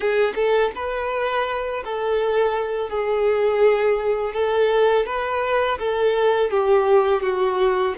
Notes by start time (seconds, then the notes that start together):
0.00 G#4
0.35 A4
0.75 B4
1.84 A4
2.89 G#4
4.33 A4
5.06 B4
5.78 A4
6.50 G4
7.22 F#4